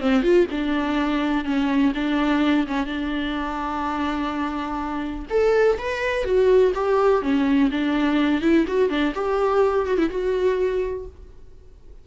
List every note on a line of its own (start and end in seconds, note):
0.00 0.22 C4
0.22 0.46 F4
0.51 1.45 D4
1.45 1.93 C#4
1.94 2.66 D4
2.67 2.86 C#4
2.86 5.26 D4
5.30 5.78 A4
5.78 6.25 B4
6.25 6.73 F#4
6.75 7.22 G4
7.22 7.70 C#4
7.71 8.41 D4
8.41 8.65 E4
8.67 8.90 F#4
8.90 9.14 D4
9.14 9.86 G4
9.86 9.98 F#4
9.98 10.10 E4
10.10 11.06 F#4